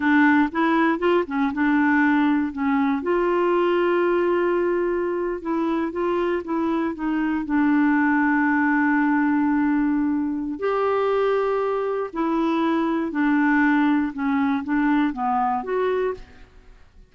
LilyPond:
\new Staff \with { instrumentName = "clarinet" } { \time 4/4 \tempo 4 = 119 d'4 e'4 f'8 cis'8 d'4~ | d'4 cis'4 f'2~ | f'2~ f'8. e'4 f'16~ | f'8. e'4 dis'4 d'4~ d'16~ |
d'1~ | d'4 g'2. | e'2 d'2 | cis'4 d'4 b4 fis'4 | }